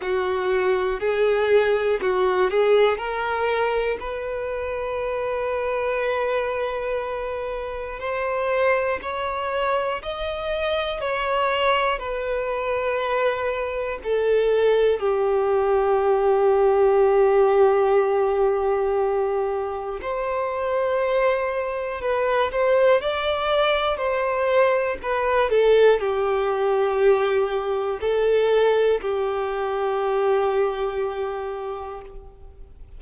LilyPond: \new Staff \with { instrumentName = "violin" } { \time 4/4 \tempo 4 = 60 fis'4 gis'4 fis'8 gis'8 ais'4 | b'1 | c''4 cis''4 dis''4 cis''4 | b'2 a'4 g'4~ |
g'1 | c''2 b'8 c''8 d''4 | c''4 b'8 a'8 g'2 | a'4 g'2. | }